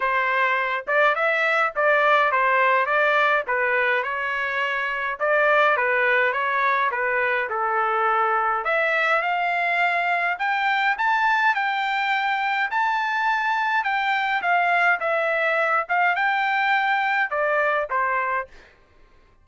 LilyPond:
\new Staff \with { instrumentName = "trumpet" } { \time 4/4 \tempo 4 = 104 c''4. d''8 e''4 d''4 | c''4 d''4 b'4 cis''4~ | cis''4 d''4 b'4 cis''4 | b'4 a'2 e''4 |
f''2 g''4 a''4 | g''2 a''2 | g''4 f''4 e''4. f''8 | g''2 d''4 c''4 | }